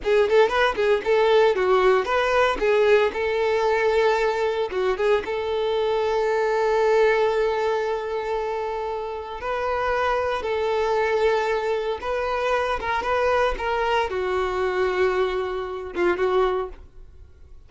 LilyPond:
\new Staff \with { instrumentName = "violin" } { \time 4/4 \tempo 4 = 115 gis'8 a'8 b'8 gis'8 a'4 fis'4 | b'4 gis'4 a'2~ | a'4 fis'8 gis'8 a'2~ | a'1~ |
a'2 b'2 | a'2. b'4~ | b'8 ais'8 b'4 ais'4 fis'4~ | fis'2~ fis'8 f'8 fis'4 | }